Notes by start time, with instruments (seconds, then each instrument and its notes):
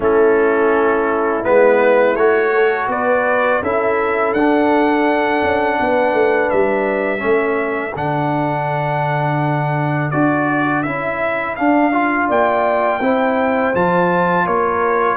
0.00 tuba A3, trombone C#4, horn E4, trumpet A4
1.43 tuba G#3, trombone B3, trumpet B4
2.15 tuba A3, trombone F#4, trumpet C#5
2.54 horn A4
2.87 tuba B3, horn B4, trumpet D5
3.62 tuba C#4, trombone E4, horn A4, trumpet E5
4.33 tuba D4, trombone D4, trumpet F#5
5.43 tuba C#4
5.79 tuba B3, horn B4
6.13 tuba A3
6.50 tuba G3, trumpet E5
7.18 tuba A3, trombone C#4, horn A4
7.95 tuba D3, trombone D4, trumpet F#5
10.10 tuba D4, trombone F#4, trumpet D5
10.82 tuba C#4, trombone E4, trumpet E5
11.55 trombone D4, tuba D4, trumpet F5
11.91 trombone F4
12.28 tuba A#3, horn D5, trumpet G5
13.00 tuba C4, trombone E4, horn C5
13.74 tuba F3, trombone F4, trumpet A5
14.45 tuba A#3, horn A#4, trumpet C#5